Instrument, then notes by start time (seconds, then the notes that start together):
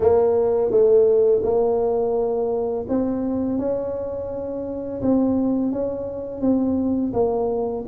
tuba
0.00 A#3
0.70 A3
1.43 A#3
2.88 C4
3.58 C#4
5.01 C4
5.71 C#4
6.41 C4
7.13 A#3